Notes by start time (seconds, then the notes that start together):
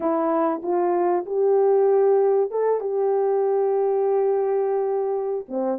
0.00 E4
0.62 F4
1.25 G4
2.50 A4
2.80 G4
5.48 C4